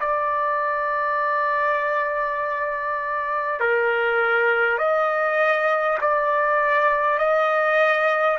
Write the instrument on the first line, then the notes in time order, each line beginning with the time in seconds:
trumpet
0.00 D5
3.60 A#4
4.77 D#5
6.01 D5
7.18 D#5